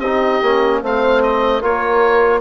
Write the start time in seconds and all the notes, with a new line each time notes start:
0.00 C4 D#4 G4 D#5
0.42 A#3 C#4
0.83 A3 C4 C5 F5
1.23 D#5
1.61 A#3 F4 A#4 C#5